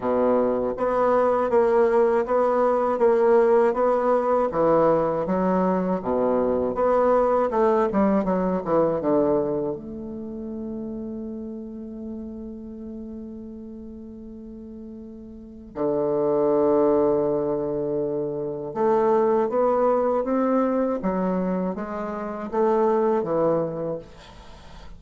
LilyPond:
\new Staff \with { instrumentName = "bassoon" } { \time 4/4 \tempo 4 = 80 b,4 b4 ais4 b4 | ais4 b4 e4 fis4 | b,4 b4 a8 g8 fis8 e8 | d4 a2.~ |
a1~ | a4 d2.~ | d4 a4 b4 c'4 | fis4 gis4 a4 e4 | }